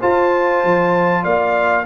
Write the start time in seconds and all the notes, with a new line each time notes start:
0.00 F4 C5 A5
0.64 F3
1.23 A#3 D5 F5